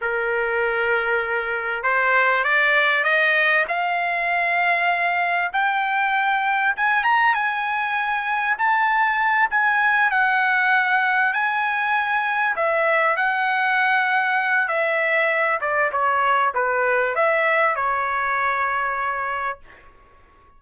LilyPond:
\new Staff \with { instrumentName = "trumpet" } { \time 4/4 \tempo 4 = 98 ais'2. c''4 | d''4 dis''4 f''2~ | f''4 g''2 gis''8 ais''8 | gis''2 a''4. gis''8~ |
gis''8 fis''2 gis''4.~ | gis''8 e''4 fis''2~ fis''8 | e''4. d''8 cis''4 b'4 | e''4 cis''2. | }